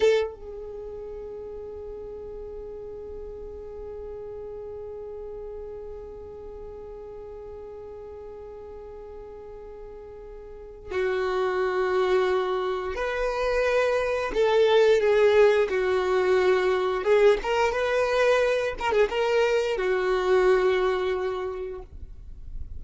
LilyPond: \new Staff \with { instrumentName = "violin" } { \time 4/4 \tempo 4 = 88 a'8 gis'2.~ gis'8~ | gis'1~ | gis'1~ | gis'1 |
fis'2. b'4~ | b'4 a'4 gis'4 fis'4~ | fis'4 gis'8 ais'8 b'4. ais'16 gis'16 | ais'4 fis'2. | }